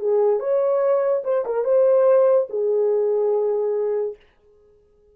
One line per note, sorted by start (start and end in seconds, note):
0.00 0.40 G#4
0.40 1.23 C#5
1.25 1.45 C5
1.46 1.65 A#4
1.65 2.48 C5
2.50 4.17 G#4